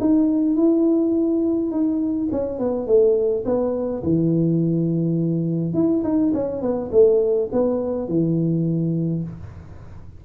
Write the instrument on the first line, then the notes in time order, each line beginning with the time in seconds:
tuba
0.00 D#4
0.56 E4
1.72 D#4
2.32 C#4
2.59 B3
2.87 A3
3.46 B3
4.04 E3
5.74 E4
6.04 D#4
6.34 C#4
6.62 B3
6.92 A3
7.52 B3
8.08 E3